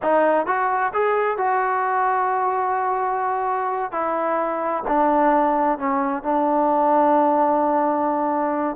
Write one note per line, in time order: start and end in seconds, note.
0.02 0.46 D#4
0.46 0.92 F#4
0.93 1.37 G#4
1.37 3.91 F#4
3.91 4.83 E4
4.87 5.78 D4
5.78 6.22 C#4
6.22 8.76 D4